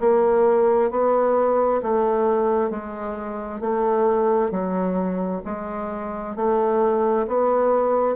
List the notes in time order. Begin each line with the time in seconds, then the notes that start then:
0.00 A#3
0.91 B3
1.83 A3
2.70 G#3
3.61 A3
4.51 F#3
5.45 G#3
6.36 A3
7.27 B3